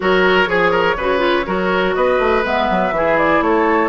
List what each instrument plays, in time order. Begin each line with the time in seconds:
0.00 bassoon F#3, clarinet F#4, oboe A#4, flute C#5
0.46 bassoon F3, clarinet G#4, oboe G#4
0.71 oboe A#4
0.96 bassoon C#3, clarinet F#4, oboe B4
1.18 clarinet F4
1.46 bassoon F#3, clarinet F#4, oboe A#4
1.94 bassoon B3, oboe B4, flute D#5
2.18 bassoon A3
2.43 bassoon G#3, clarinet B3, flute E5
2.69 bassoon F#3
2.91 bassoon E3, clarinet E4, oboe G#4
3.18 flute D5
3.40 bassoon A3, oboe A4, flute C#5